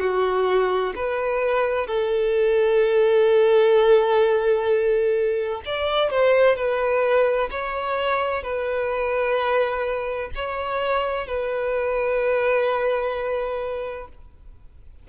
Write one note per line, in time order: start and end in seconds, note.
0.00 0.94 F#4
0.95 1.87 B4
1.87 5.62 A4
5.65 6.10 D5
6.10 6.56 C5
6.56 7.50 B4
7.51 8.43 C#5
8.43 10.31 B4
10.35 11.27 C#5
11.27 14.08 B4